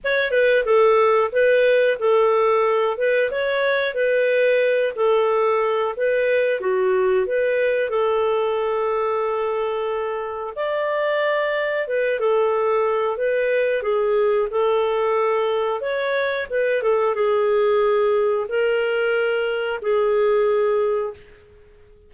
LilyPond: \new Staff \with { instrumentName = "clarinet" } { \time 4/4 \tempo 4 = 91 cis''8 b'8 a'4 b'4 a'4~ | a'8 b'8 cis''4 b'4. a'8~ | a'4 b'4 fis'4 b'4 | a'1 |
d''2 b'8 a'4. | b'4 gis'4 a'2 | cis''4 b'8 a'8 gis'2 | ais'2 gis'2 | }